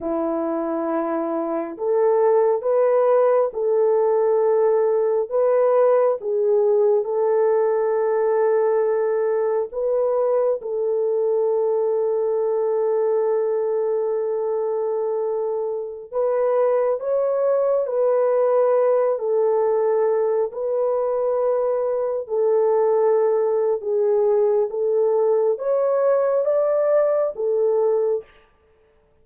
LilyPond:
\new Staff \with { instrumentName = "horn" } { \time 4/4 \tempo 4 = 68 e'2 a'4 b'4 | a'2 b'4 gis'4 | a'2. b'4 | a'1~ |
a'2~ a'16 b'4 cis''8.~ | cis''16 b'4. a'4. b'8.~ | b'4~ b'16 a'4.~ a'16 gis'4 | a'4 cis''4 d''4 a'4 | }